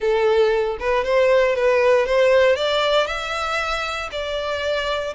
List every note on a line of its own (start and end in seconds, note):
0.00 0.77 A4
0.79 1.04 B4
1.04 1.55 C5
1.55 2.05 B4
2.05 2.56 C5
2.56 3.06 D5
3.06 4.09 E5
4.11 5.14 D5